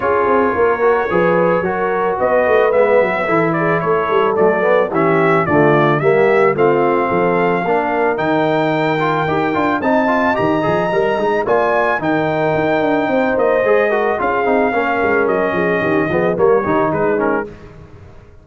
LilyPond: <<
  \new Staff \with { instrumentName = "trumpet" } { \time 4/4 \tempo 4 = 110 cis''1 | dis''4 e''4. d''8 cis''4 | d''4 e''4 d''4 e''4 | f''2. g''4~ |
g''2 a''4 ais''4~ | ais''4 gis''4 g''2~ | g''8 dis''4. f''2 | dis''2 cis''4 b'8 ais'8 | }
  \new Staff \with { instrumentName = "horn" } { \time 4/4 gis'4 ais'4 b'4 ais'4 | b'2 a'8 gis'8 a'4~ | a'4 g'4 f'4 g'4 | f'4 a'4 ais'2~ |
ais'2 dis''2~ | dis''4 d''4 ais'2 | c''4. ais'8 gis'4 ais'4~ | ais'8 gis'8 g'8 gis'8 ais'8 g'8 dis'4 | }
  \new Staff \with { instrumentName = "trombone" } { \time 4/4 f'4. fis'8 gis'4 fis'4~ | fis'4 b4 e'2 | a8 b8 cis'4 a4 ais4 | c'2 d'4 dis'4~ |
dis'8 f'8 g'8 f'8 dis'8 f'8 g'8 gis'8 | ais'8 dis'8 f'4 dis'2~ | dis'4 gis'8 fis'8 f'8 dis'8 cis'4~ | cis'4. b8 ais8 dis'4 cis'8 | }
  \new Staff \with { instrumentName = "tuba" } { \time 4/4 cis'8 c'8 ais4 f4 fis4 | b8 a8 gis8 fis8 e4 a8 g8 | fis4 e4 d4 g4 | a4 f4 ais4 dis4~ |
dis4 dis'8 d'8 c'4 dis8 f8 | g8 gis8 ais4 dis4 dis'8 d'8 | c'8 ais8 gis4 cis'8 c'8 ais8 gis8 | fis8 f8 dis8 f8 g8 dis8 gis4 | }
>>